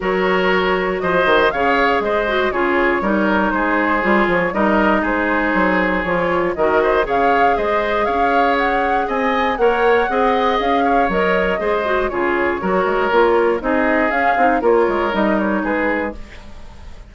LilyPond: <<
  \new Staff \with { instrumentName = "flute" } { \time 4/4 \tempo 4 = 119 cis''2 dis''4 f''4 | dis''4 cis''2 c''4~ | c''8 cis''8 dis''4 c''2 | cis''4 dis''4 f''4 dis''4 |
f''4 fis''4 gis''4 fis''4~ | fis''4 f''4 dis''2 | cis''2. dis''4 | f''4 cis''4 dis''8 cis''8 b'4 | }
  \new Staff \with { instrumentName = "oboe" } { \time 4/4 ais'2 c''4 cis''4 | c''4 gis'4 ais'4 gis'4~ | gis'4 ais'4 gis'2~ | gis'4 ais'8 c''8 cis''4 c''4 |
cis''2 dis''4 cis''4 | dis''4. cis''4. c''4 | gis'4 ais'2 gis'4~ | gis'4 ais'2 gis'4 | }
  \new Staff \with { instrumentName = "clarinet" } { \time 4/4 fis'2. gis'4~ | gis'8 fis'8 f'4 dis'2 | f'4 dis'2. | f'4 fis'4 gis'2~ |
gis'2. ais'4 | gis'2 ais'4 gis'8 fis'8 | f'4 fis'4 f'4 dis'4 | cis'8 dis'8 f'4 dis'2 | }
  \new Staff \with { instrumentName = "bassoon" } { \time 4/4 fis2 f8 dis8 cis4 | gis4 cis4 g4 gis4 | g8 f8 g4 gis4 fis4 | f4 dis4 cis4 gis4 |
cis'2 c'4 ais4 | c'4 cis'4 fis4 gis4 | cis4 fis8 gis8 ais4 c'4 | cis'8 c'8 ais8 gis8 g4 gis4 | }
>>